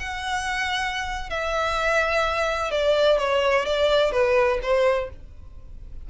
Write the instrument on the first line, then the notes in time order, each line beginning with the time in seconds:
violin
0.00 F#5
1.30 E5
2.71 D5
3.19 C#5
3.66 D5
4.12 B4
4.63 C5